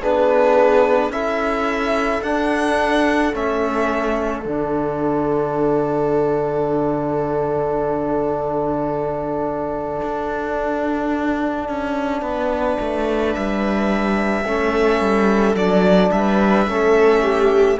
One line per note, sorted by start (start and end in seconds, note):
0.00 1.09 B3
0.00 1.12 D4
0.00 1.11 G#4
0.00 1.12 B4
1.09 2.20 C#4
1.09 2.23 E4
1.09 12.22 A4
1.09 2.23 E5
2.22 3.33 D4
2.22 3.34 F#5
3.33 4.45 A3
3.33 4.44 C#4
3.33 4.44 E5
4.44 10.01 D3
4.44 14.44 D4
4.44 13.33 F#5
10.02 11.69 D4
11.69 12.21 C#4
12.21 12.77 B3
12.21 14.44 B4
12.80 13.36 A3
13.33 14.45 G3
13.33 15.56 E5
14.45 15.00 A3
14.45 15.56 C#4
14.45 16.13 A4
15.00 15.55 G3
15.55 16.10 F#3
15.55 16.67 D4
15.55 16.12 D5
16.11 16.66 G3
16.11 16.70 B4
16.11 17.78 E5
16.66 17.78 A3
16.66 17.78 C#4
16.66 17.22 A4
17.22 17.77 G4